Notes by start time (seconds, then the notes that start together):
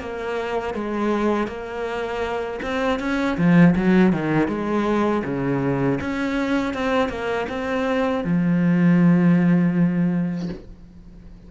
0.00 A#3
0.74 G#3
1.47 A#3
2.62 C4
2.99 C#4
3.37 F3
3.76 F#3
4.12 D#3
4.48 G#3
5.24 C#3
6.00 C#4
6.74 C4
7.08 A#3
7.49 C4
8.24 F3